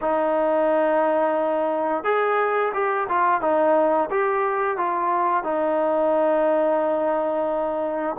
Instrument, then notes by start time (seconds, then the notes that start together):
trombone
0.01 D#4
2.04 G#4
2.73 G4
3.08 F4
3.41 D#4
4.10 G4
4.77 F4
5.43 D#4